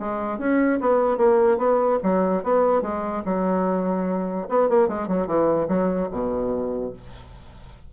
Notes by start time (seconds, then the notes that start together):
0.00 G#3
0.39 C#4
0.81 B3
1.18 A#3
1.58 B3
2.04 F#3
2.44 B3
2.83 G#3
3.25 F#3
4.50 B3
4.69 A#3
4.89 G#3
5.08 F#3
5.27 E3
5.68 F#3
6.11 B2